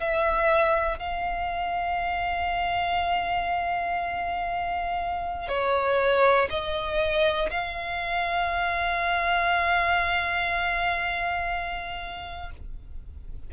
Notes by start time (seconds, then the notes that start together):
0.00 E5
0.99 F5
5.48 C#5
6.50 D#5
7.50 F5